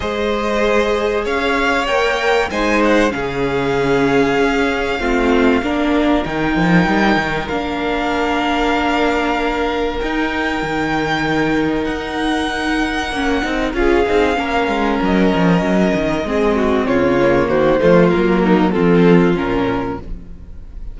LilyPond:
<<
  \new Staff \with { instrumentName = "violin" } { \time 4/4 \tempo 4 = 96 dis''2 f''4 g''4 | gis''8 fis''8 f''2.~ | f''2 g''2 | f''1 |
g''2. fis''4~ | fis''2 f''2 | dis''2. cis''4 | c''4 ais'4 a'4 ais'4 | }
  \new Staff \with { instrumentName = "violin" } { \time 4/4 c''2 cis''2 | c''4 gis'2. | f'4 ais'2.~ | ais'1~ |
ais'1~ | ais'2 gis'4 ais'4~ | ais'2 gis'8 fis'8 f'4 | fis'8 f'4 dis'8 f'2 | }
  \new Staff \with { instrumentName = "viola" } { \time 4/4 gis'2. ais'4 | dis'4 cis'2. | c'4 d'4 dis'2 | d'1 |
dis'1~ | dis'4 cis'8 dis'8 f'8 dis'8 cis'4~ | cis'2 c'4. ais8~ | ais8 a8 ais4 c'4 cis'4 | }
  \new Staff \with { instrumentName = "cello" } { \time 4/4 gis2 cis'4 ais4 | gis4 cis2 cis'4 | a4 ais4 dis8 f8 g8 dis8 | ais1 |
dis'4 dis2 dis'4~ | dis'4 ais8 c'8 cis'8 c'8 ais8 gis8 | fis8 f8 fis8 dis8 gis4 cis4 | dis8 f8 fis4 f4 ais,4 | }
>>